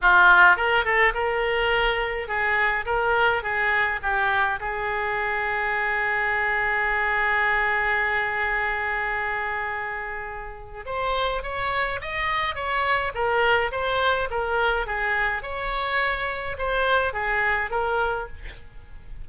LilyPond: \new Staff \with { instrumentName = "oboe" } { \time 4/4 \tempo 4 = 105 f'4 ais'8 a'8 ais'2 | gis'4 ais'4 gis'4 g'4 | gis'1~ | gis'1~ |
gis'2. c''4 | cis''4 dis''4 cis''4 ais'4 | c''4 ais'4 gis'4 cis''4~ | cis''4 c''4 gis'4 ais'4 | }